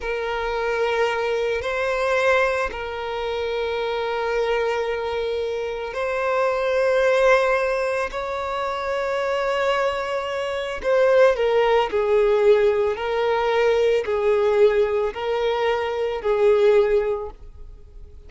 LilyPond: \new Staff \with { instrumentName = "violin" } { \time 4/4 \tempo 4 = 111 ais'2. c''4~ | c''4 ais'2.~ | ais'2. c''4~ | c''2. cis''4~ |
cis''1 | c''4 ais'4 gis'2 | ais'2 gis'2 | ais'2 gis'2 | }